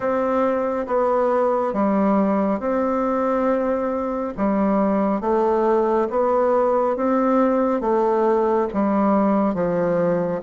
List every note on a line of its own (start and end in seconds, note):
0.00 0.86 C4
0.87 1.73 B3
1.73 2.59 G3
2.59 4.33 C4
4.37 5.21 G3
5.21 6.08 A3
6.10 6.96 B3
6.96 7.80 C4
7.80 8.67 A3
8.73 9.54 G3
9.54 10.41 F3